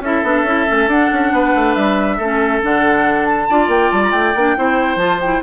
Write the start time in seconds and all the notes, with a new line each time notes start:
0.00 C#4 E4 A4 E5
0.22 B3 D4
0.43 C#4 E4
0.67 A3 C#4
0.87 D4 F#5
1.12 C#4
1.31 B3 B4
1.55 A3
1.74 G3 E5
2.17 A3 C#4 A4
2.62 D3 D4 F#5
3.25 A5
3.49 D4 F4 D5
3.67 A#3 G5
3.91 G3 A5
4.03 A#5
4.11 A3 G5
4.35 A#3 D4
4.56 C4 E4 C5
4.95 F3 F4 A5
5.20 E4 G5